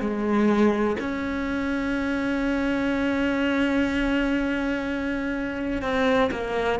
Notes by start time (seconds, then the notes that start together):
0.00 G#3
0.99 C#4
5.82 C4
6.31 A#3